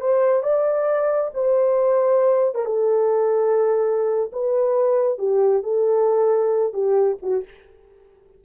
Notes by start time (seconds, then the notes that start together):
0.00 C5
0.43 D5
1.34 C5
2.55 A#4
2.65 A4
4.32 B4
5.18 G4
5.63 A4
6.73 G4
7.22 F#4